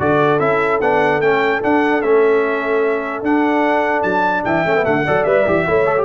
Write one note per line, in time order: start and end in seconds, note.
0.00 0.40 D3
0.00 0.40 F#4
0.00 4.45 A4
0.00 0.40 D5
0.40 0.81 C#4
0.40 0.80 E4
0.40 0.80 E5
0.81 1.21 B3
0.81 1.23 D4
0.81 1.22 F#5
1.21 1.61 A3
1.21 1.62 C#4
1.21 1.62 G5
1.62 2.03 D4
1.62 2.04 D4
1.62 2.02 F#5
2.02 3.23 A3
2.02 3.24 C#4
2.02 3.24 E5
3.23 4.04 D4
3.23 4.66 D4
3.23 4.03 F#5
4.03 4.45 F#3
4.03 4.43 A5
4.45 4.65 E3
4.45 5.06 E5
4.45 4.85 G5
4.65 4.86 A3
4.65 4.76 C#4
4.76 4.84 B3
4.84 5.07 D3
4.84 5.04 A3
4.84 5.24 F#5
5.06 5.26 F#3
5.06 5.27 A4
5.06 5.67 D5
5.24 5.46 G3
5.24 5.47 B4
5.24 6.05 E5
5.47 5.67 E3
5.47 5.67 G4
5.67 6.05 A3
5.67 5.86 E4
5.67 6.05 C#5
5.86 5.96 A4
5.98 6.05 G4